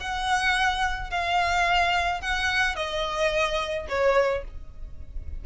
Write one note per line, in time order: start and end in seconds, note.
0.00 1.10 F#5
1.10 2.21 F5
2.21 2.76 F#5
2.76 3.87 D#5
3.89 4.44 C#5